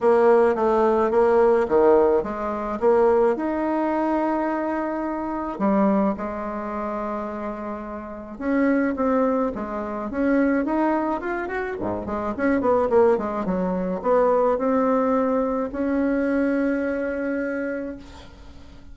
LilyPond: \new Staff \with { instrumentName = "bassoon" } { \time 4/4 \tempo 4 = 107 ais4 a4 ais4 dis4 | gis4 ais4 dis'2~ | dis'2 g4 gis4~ | gis2. cis'4 |
c'4 gis4 cis'4 dis'4 | f'8 fis'8 gis,8 gis8 cis'8 b8 ais8 gis8 | fis4 b4 c'2 | cis'1 | }